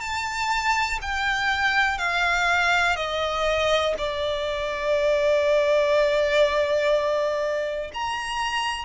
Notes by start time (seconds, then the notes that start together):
0.00 A5
1.01 G5
1.98 F5
2.96 D#5
3.97 D5
7.94 A#5